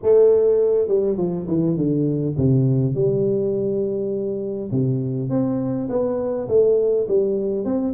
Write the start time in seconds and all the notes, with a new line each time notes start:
0.02 A3
0.88 G3
1.17 F3
1.47 E3
1.76 D3
2.37 C3
2.94 G3
4.71 C3
5.29 C4
5.89 B3
6.48 A3
7.08 G3
7.64 C4